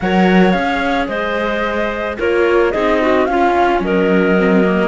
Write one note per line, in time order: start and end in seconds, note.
0.00 0.53 F#3
0.00 0.53 A#4
0.00 1.08 C#5
0.00 0.50 F#5
0.50 1.08 C#4
0.50 2.16 G#4
0.50 1.05 F5
1.08 2.17 G#3
1.08 2.17 C5
1.08 2.17 D#5
2.18 2.74 A#3
2.18 2.73 F4
2.18 2.72 A#4
2.18 2.71 C#5
2.71 3.28 C4
2.71 3.28 D#4
2.71 2.99 G#4
2.71 3.25 D#5
3.01 3.28 F#4
3.25 3.79 C#4
3.25 4.37 C#4
3.25 3.84 F4
3.25 3.80 F5
3.79 4.88 F#3
3.79 4.88 A#4
3.79 4.88 D#5
4.37 4.63 C4
4.63 4.88 A#3